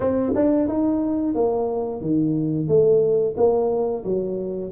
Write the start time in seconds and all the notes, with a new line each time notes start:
0.00 C4
0.35 D4
0.67 D#4
1.35 A#3
2.01 D#3
2.68 A3
3.36 A#3
4.04 F#3